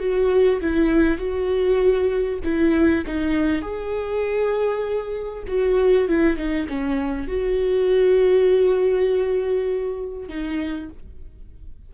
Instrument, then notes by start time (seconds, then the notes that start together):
viola
0.00 F#4
0.61 E4
1.19 F#4
2.45 E4
3.07 D#4
3.62 G#4
5.48 F#4
6.09 E4
6.37 D#4
6.69 C#4
7.28 F#4
10.29 D#4